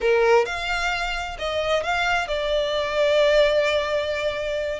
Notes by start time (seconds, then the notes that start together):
0.00 A#4
0.45 F5
1.38 D#5
1.83 F5
2.27 D5